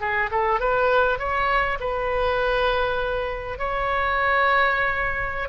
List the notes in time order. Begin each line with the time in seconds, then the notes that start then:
0.00 G#4
0.31 A4
0.60 B4
1.19 C#5
1.80 B4
3.58 C#5